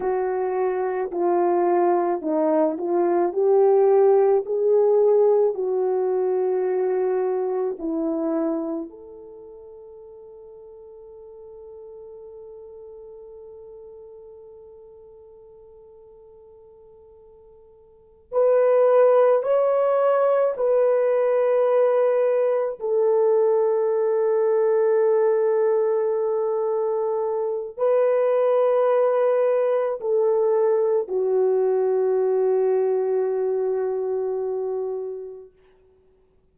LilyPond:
\new Staff \with { instrumentName = "horn" } { \time 4/4 \tempo 4 = 54 fis'4 f'4 dis'8 f'8 g'4 | gis'4 fis'2 e'4 | a'1~ | a'1~ |
a'8 b'4 cis''4 b'4.~ | b'8 a'2.~ a'8~ | a'4 b'2 a'4 | fis'1 | }